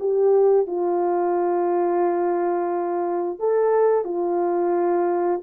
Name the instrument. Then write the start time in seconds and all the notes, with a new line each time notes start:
horn
0.00 G4
0.67 F4
3.40 A4
4.05 F4